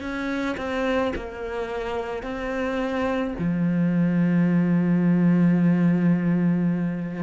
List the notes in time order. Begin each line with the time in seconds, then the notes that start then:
0.00 C#4
0.57 C4
1.15 A#3
2.23 C4
3.38 F3